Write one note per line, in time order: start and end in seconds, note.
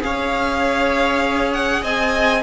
0.00 1.83 C#4
0.00 2.42 G#4
0.00 1.82 C#5
0.00 1.53 F5
1.53 1.83 F#5
1.82 2.43 C4
1.82 2.42 D#5
1.82 2.43 G#5